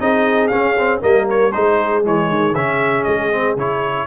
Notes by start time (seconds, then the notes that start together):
0.00 C4 D#4 G#4 D#5
0.48 C#4 F5
0.78 C4
1.01 G3 A#3 A#4 D#5
1.30 C#5
1.52 G#3 D#4 G#4 C5
2.03 E3 G#3 C#5
2.30 D#3
2.54 C#3 C#4 E5
3.04 G#3 D#5
3.32 C4
3.57 C#3 E4 C#5